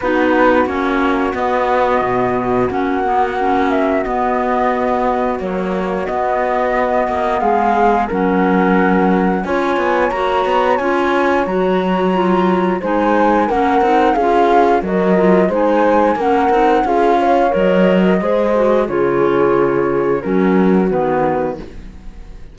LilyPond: <<
  \new Staff \with { instrumentName = "flute" } { \time 4/4 \tempo 4 = 89 b'4 cis''4 dis''2 | fis''4. e''8 dis''2 | cis''4 dis''2 f''4 | fis''2 gis''4 ais''4 |
gis''4 ais''2 gis''4 | fis''4 f''4 dis''4 gis''4 | fis''4 f''4 dis''2 | cis''2 ais'4 b'4 | }
  \new Staff \with { instrumentName = "horn" } { \time 4/4 fis'1~ | fis'1~ | fis'2. gis'4 | ais'2 cis''2~ |
cis''2. c''4 | ais'4 gis'4 ais'4 c''4 | ais'4 gis'8 cis''4~ cis''16 ais'16 c''4 | gis'2 fis'2 | }
  \new Staff \with { instrumentName = "clarinet" } { \time 4/4 dis'4 cis'4 b2 | cis'8 b8 cis'4 b2 | fis4 b2. | cis'2 f'4 fis'4 |
f'4 fis'4 f'4 dis'4 | cis'8 dis'8 f'4 fis'8 f'8 dis'4 | cis'8 dis'8 f'4 ais'4 gis'8 fis'8 | f'2 cis'4 b4 | }
  \new Staff \with { instrumentName = "cello" } { \time 4/4 b4 ais4 b4 b,4 | ais2 b2 | ais4 b4. ais8 gis4 | fis2 cis'8 b8 ais8 b8 |
cis'4 fis2 gis4 | ais8 c'8 cis'4 fis4 gis4 | ais8 c'8 cis'4 fis4 gis4 | cis2 fis4 dis4 | }
>>